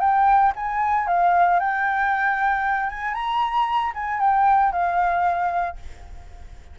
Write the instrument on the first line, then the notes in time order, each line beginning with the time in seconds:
flute
0.00 G5
0.55 G#5
1.07 F5
1.59 G5
2.90 G#5
3.14 A#5
3.94 G#5
4.20 G5
4.72 F5